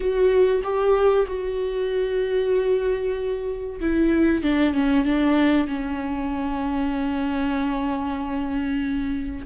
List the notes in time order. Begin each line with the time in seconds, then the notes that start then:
0.00 F#4
0.63 G4
1.27 F#4
3.80 E4
4.42 D4
4.74 C#4
5.05 D4
5.67 C#4